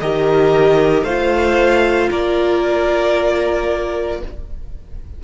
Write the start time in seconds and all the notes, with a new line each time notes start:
0.00 D#3 G4 A#4 D#5
1.03 A3 F4 C5 F5
2.09 A#3 A#4 D5